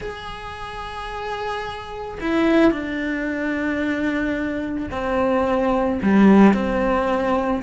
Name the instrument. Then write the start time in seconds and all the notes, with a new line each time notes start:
cello
0.00 G#4
2.20 E4
2.71 D4
4.90 C4
6.02 G3
6.53 C4